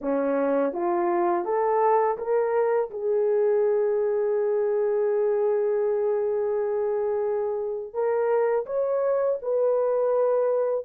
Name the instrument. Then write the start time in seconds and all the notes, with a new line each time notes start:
horn
0.01 C#4
0.73 F4
1.45 A4
2.17 A#4
2.90 G#4
7.93 A#4
8.65 C#5
9.41 B4